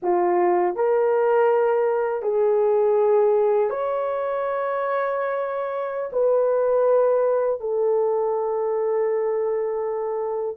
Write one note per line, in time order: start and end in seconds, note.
0.02 0.75 F4
0.75 2.22 A#4
2.22 3.69 G#4
3.69 6.10 C#5
6.12 7.60 B4
7.60 10.57 A4